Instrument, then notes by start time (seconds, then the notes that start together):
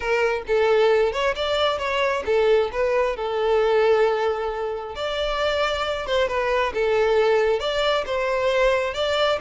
violin
0.00 A#4
0.47 A4
1.12 C#5
1.35 D5
1.78 C#5
2.25 A4
2.72 B4
3.16 A4
4.95 D5
6.06 C5
6.28 B4
6.73 A4
7.59 D5
8.06 C5
8.94 D5